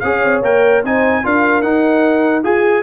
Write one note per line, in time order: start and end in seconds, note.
0.00 0.24 C#4
0.00 0.44 G#4
0.00 0.84 C#5
0.00 0.41 F5
0.24 0.42 C4
0.42 0.83 A#3
0.42 0.84 A#4
0.42 0.85 G5
0.84 1.24 C4
0.84 1.24 D#4
0.84 1.24 C5
0.84 1.26 G#5
1.24 1.63 D4
1.24 1.64 F4
1.24 2.44 A#4
1.24 1.62 F5
1.62 2.44 D#4
1.62 2.43 F#5
2.44 2.84 F4
2.44 2.84 G#4
2.44 2.84 G#5